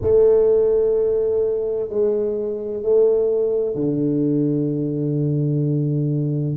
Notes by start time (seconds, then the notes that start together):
0.01 A3
1.89 G#3
2.82 A3
3.75 D3